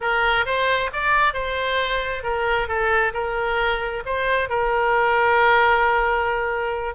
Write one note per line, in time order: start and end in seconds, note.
0.00 0.45 A#4
0.45 0.90 C5
0.93 1.33 D5
1.33 2.23 C5
2.23 2.68 A#4
2.68 3.12 A4
3.13 4.03 A#4
4.05 4.49 C5
4.49 6.95 A#4